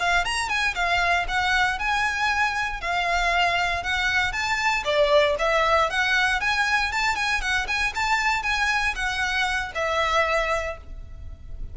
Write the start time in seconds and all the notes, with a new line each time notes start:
0.00 F5
0.25 A#5
0.49 G#5
0.75 F5
1.28 F#5
1.79 G#5
2.81 F5
3.83 F#5
4.33 A5
4.85 D5
5.39 E5
5.90 F#5
6.41 G#5
6.92 A5
7.16 G#5
7.41 F#5
7.68 G#5
7.95 A5
8.43 G#5
8.95 F#5
9.75 E5